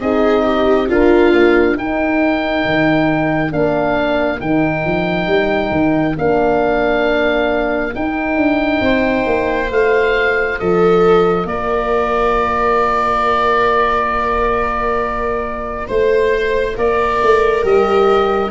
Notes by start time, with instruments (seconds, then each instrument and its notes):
0.00 tuba C4, horn D#4, viola G#4, oboe D#5
0.44 viola G4
0.88 tuba D4, viola F4, horn A#4, oboe F5
1.32 horn A#3
1.76 tuba D#4, horn D#4, viola A#4, oboe G5
2.65 tuba D#3
3.51 tuba A#3, horn D4, oboe F5
4.40 tuba D#3, horn D#4, oboe G5
4.85 tuba F3
5.27 tuba G3
5.71 tuba D#3
6.18 tuba A#3, horn D4, oboe F5
7.95 tuba D#4, horn D#4, oboe G5
8.36 tuba D4
8.81 tuba C4, viola C5
9.26 tuba A#3
9.70 tuba A3, horn F4, oboe F5
10.59 tuba F3, viola A4, oboe D#5
11.45 tuba A#3, viola A#4, oboe D5
15.87 tuba A3, viola C5, oboe C5
16.76 tuba A#3, viola A#4, oboe D5
17.22 tuba A3
17.62 tuba G3, horn G4, oboe D#5